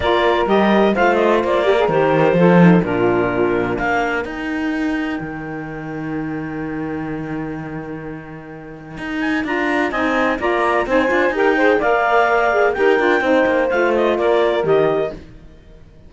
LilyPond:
<<
  \new Staff \with { instrumentName = "clarinet" } { \time 4/4 \tempo 4 = 127 d''4 dis''4 f''8 dis''8 d''4 | c''2 ais'2 | f''4 g''2.~ | g''1~ |
g''2.~ g''8 gis''8 | ais''4 gis''4 ais''4 gis''4 | g''4 f''2 g''4~ | g''4 f''8 dis''8 d''4 dis''4 | }
  \new Staff \with { instrumentName = "saxophone" } { \time 4/4 ais'2 c''4. ais'8~ | ais'4 a'4 f'2 | ais'1~ | ais'1~ |
ais'1~ | ais'4 dis''4 d''4 c''4 | ais'8 c''8 d''2 ais'4 | c''2 ais'2 | }
  \new Staff \with { instrumentName = "saxophone" } { \time 4/4 f'4 g'4 f'4. g'16 gis'16 | g'4 f'8 dis'8 d'2~ | d'4 dis'2.~ | dis'1~ |
dis'1 | f'4 dis'4 f'4 dis'8 f'8 | g'8 gis'8 ais'4. gis'8 g'8 f'8 | dis'4 f'2 g'4 | }
  \new Staff \with { instrumentName = "cello" } { \time 4/4 ais4 g4 a4 ais4 | dis4 f4 ais,2 | ais4 dis'2 dis4~ | dis1~ |
dis2. dis'4 | d'4 c'4 ais4 c'8 d'8 | dis'4 ais2 dis'8 d'8 | c'8 ais8 a4 ais4 dis4 | }
>>